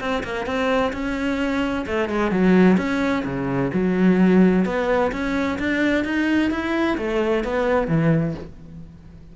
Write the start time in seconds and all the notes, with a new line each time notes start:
0.00 C4
0.24 A#3
0.46 C4
0.93 C#4
1.86 A3
2.09 G#3
2.31 F#3
2.77 C#4
3.25 C#3
3.74 F#3
4.65 B3
5.12 C#4
5.59 D4
6.04 D#4
6.51 E4
6.97 A3
7.44 B3
7.88 E3